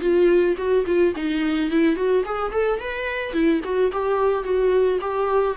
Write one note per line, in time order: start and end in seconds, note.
0.00 0.56 F4
0.57 0.85 F#4
0.86 1.14 F4
1.15 1.70 D#4
1.70 1.96 E4
1.96 2.24 F#4
2.25 2.52 G#4
2.52 2.80 A4
2.80 3.33 B4
3.33 3.61 E4
3.64 3.91 F#4
3.92 4.43 G4
4.43 4.99 F#4
5.01 5.56 G4